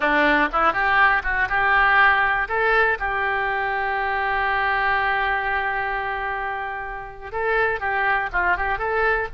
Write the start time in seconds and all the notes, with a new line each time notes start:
0.00 D4
0.52 E4
0.73 G4
1.23 F#4
1.48 G4
2.48 A4
2.99 G4
7.32 A4
7.79 G4
8.32 F4
8.56 G4
8.78 A4